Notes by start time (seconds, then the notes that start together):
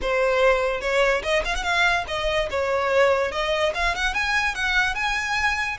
0.01 C5
0.81 C#5
1.22 D#5
1.44 F5
1.55 F#5
1.63 F5
2.07 D#5
2.50 C#5
3.31 D#5
3.74 F5
3.95 F#5
4.13 G#5
4.55 F#5
4.94 G#5